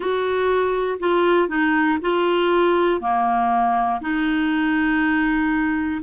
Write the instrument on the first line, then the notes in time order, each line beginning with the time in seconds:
clarinet
0.00 F#4
1.00 F4
1.48 D#4
2.01 F4
3.00 A#3
4.00 D#4